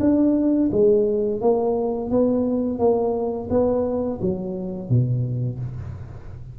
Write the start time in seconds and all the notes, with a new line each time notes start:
0.00 D4
0.72 G#3
1.41 A#3
2.10 B3
2.79 A#3
3.50 B3
4.21 F#3
4.89 B2